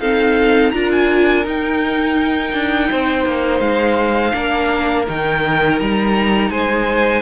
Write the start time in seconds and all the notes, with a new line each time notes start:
0.00 C4 D#4 A4 F5
0.71 D4 F4 A#4 A#5
0.91 G#5
1.44 D#4 G5
2.53 D4
2.91 C4 C5
3.26 A#3
3.60 G#3 F5
4.33 A#3 D4 A#4
5.07 D#3 D#4 G5
5.80 G3 A#5
6.50 G#3 C5 G#5